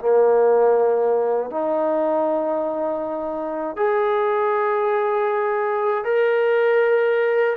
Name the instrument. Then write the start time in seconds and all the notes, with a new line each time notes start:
trombone
0.00 A#3
1.51 D#4
3.77 G#4
6.05 A#4